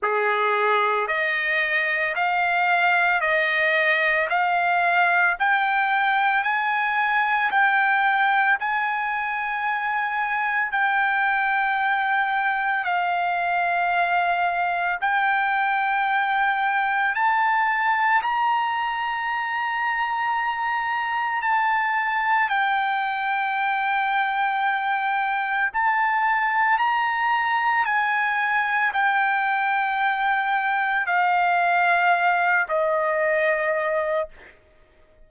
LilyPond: \new Staff \with { instrumentName = "trumpet" } { \time 4/4 \tempo 4 = 56 gis'4 dis''4 f''4 dis''4 | f''4 g''4 gis''4 g''4 | gis''2 g''2 | f''2 g''2 |
a''4 ais''2. | a''4 g''2. | a''4 ais''4 gis''4 g''4~ | g''4 f''4. dis''4. | }